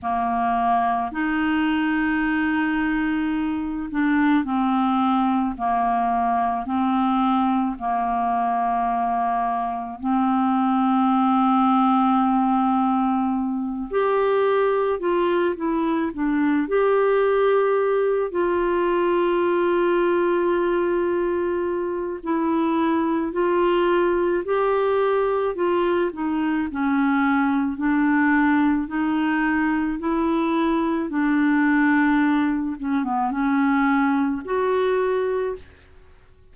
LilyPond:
\new Staff \with { instrumentName = "clarinet" } { \time 4/4 \tempo 4 = 54 ais4 dis'2~ dis'8 d'8 | c'4 ais4 c'4 ais4~ | ais4 c'2.~ | c'8 g'4 f'8 e'8 d'8 g'4~ |
g'8 f'2.~ f'8 | e'4 f'4 g'4 f'8 dis'8 | cis'4 d'4 dis'4 e'4 | d'4. cis'16 b16 cis'4 fis'4 | }